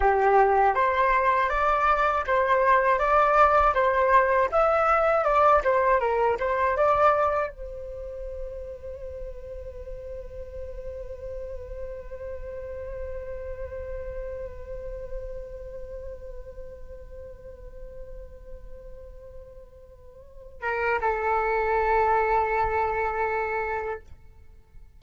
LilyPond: \new Staff \with { instrumentName = "flute" } { \time 4/4 \tempo 4 = 80 g'4 c''4 d''4 c''4 | d''4 c''4 e''4 d''8 c''8 | ais'8 c''8 d''4 c''2~ | c''1~ |
c''1~ | c''1~ | c''2.~ c''8 ais'8 | a'1 | }